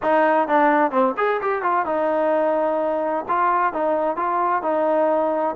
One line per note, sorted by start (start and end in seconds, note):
0.02 0.48 D#4
0.48 0.91 D4
0.91 1.14 C4
1.17 1.40 G#4
1.41 1.62 G4
1.62 1.85 F4
1.85 3.25 D#4
3.28 3.73 F4
3.73 4.16 D#4
4.16 4.62 F4
4.62 5.55 D#4